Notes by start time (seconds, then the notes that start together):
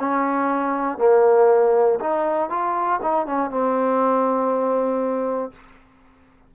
0.00 C#4
0.99 A#3
2.01 D#4
2.50 F4
3.03 D#4
3.27 C#4
3.51 C4